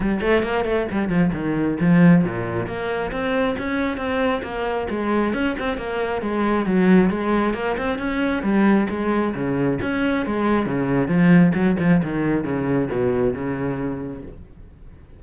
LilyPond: \new Staff \with { instrumentName = "cello" } { \time 4/4 \tempo 4 = 135 g8 a8 ais8 a8 g8 f8 dis4 | f4 ais,4 ais4 c'4 | cis'4 c'4 ais4 gis4 | cis'8 c'8 ais4 gis4 fis4 |
gis4 ais8 c'8 cis'4 g4 | gis4 cis4 cis'4 gis4 | cis4 f4 fis8 f8 dis4 | cis4 b,4 cis2 | }